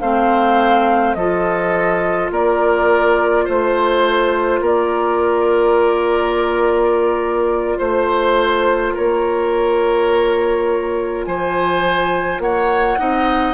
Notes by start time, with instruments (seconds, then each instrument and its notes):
0.00 bassoon A3, clarinet C4, oboe C5, flute F5
1.14 bassoon F3, clarinet F4, oboe A4, flute D#5
2.31 bassoon A#3, oboe A#4, flute D5
3.44 bassoon A3, oboe C5, flute C5
4.60 bassoon A#3, oboe A#4, flute D5
7.78 bassoon A3, oboe C5, flute C5
8.94 bassoon A#3, oboe A#4, flute C#5
11.24 bassoon F3, oboe C5, flute G#5
12.38 bassoon A#3, oboe C#5, flute F#5
12.99 bassoon C4, clarinet D#4, oboe D#5